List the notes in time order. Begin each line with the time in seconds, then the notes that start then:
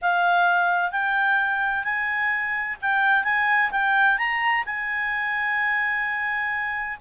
0.01 F5
0.91 G5
1.84 G#5
2.81 G5
3.24 G#5
3.71 G5
4.18 A#5
4.65 G#5